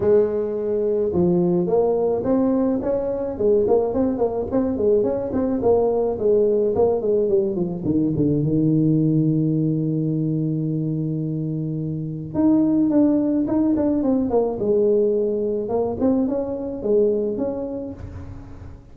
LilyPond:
\new Staff \with { instrumentName = "tuba" } { \time 4/4 \tempo 4 = 107 gis2 f4 ais4 | c'4 cis'4 gis8 ais8 c'8 ais8 | c'8 gis8 cis'8 c'8 ais4 gis4 | ais8 gis8 g8 f8 dis8 d8 dis4~ |
dis1~ | dis2 dis'4 d'4 | dis'8 d'8 c'8 ais8 gis2 | ais8 c'8 cis'4 gis4 cis'4 | }